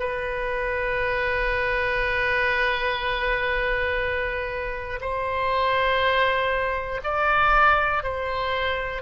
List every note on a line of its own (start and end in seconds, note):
0.00 5.00 B4
5.01 7.01 C5
7.04 8.04 D5
8.04 9.02 C5